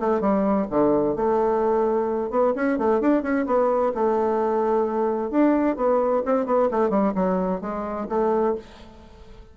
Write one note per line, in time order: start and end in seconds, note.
0.00 0.21 A3
0.21 0.67 G3
0.70 1.16 D3
1.16 2.30 A3
2.30 2.53 B3
2.56 2.78 C#4
2.78 3.01 A3
3.01 3.23 D4
3.23 3.46 C#4
3.47 3.93 B3
3.95 5.31 A3
5.31 5.77 D4
5.77 6.23 B3
6.26 6.46 C4
6.46 6.69 B3
6.71 6.90 A3
6.90 7.13 G3
7.15 7.61 F#3
7.61 8.07 G#3
8.09 8.56 A3